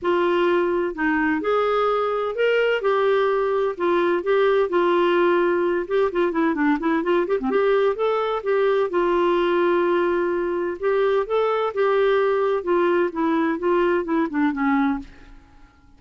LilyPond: \new Staff \with { instrumentName = "clarinet" } { \time 4/4 \tempo 4 = 128 f'2 dis'4 gis'4~ | gis'4 ais'4 g'2 | f'4 g'4 f'2~ | f'8 g'8 f'8 e'8 d'8 e'8 f'8 g'16 c'16 |
g'4 a'4 g'4 f'4~ | f'2. g'4 | a'4 g'2 f'4 | e'4 f'4 e'8 d'8 cis'4 | }